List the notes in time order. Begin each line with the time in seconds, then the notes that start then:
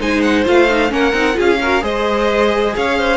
0.00 G#3 D#4 C5 G#5
0.21 F#5
0.45 A3 F4 F5
0.69 D#4
0.89 A#3 C#4 A#4 F#5
1.13 C4 D#4
1.34 C#4 F4 G#4
1.40 F5
1.61 F#4 A#4
1.81 G#3 G#4 C5 D#5
2.75 C#4 C#5 F5
2.98 C5